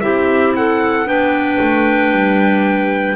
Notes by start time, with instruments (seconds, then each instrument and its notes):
0.00 double bass C4, clarinet E4 G4, trumpet E5
0.56 clarinet A4, trumpet F#5
1.05 double bass B3, clarinet D4 B4, trumpet G5
1.60 double bass A3
2.12 double bass G3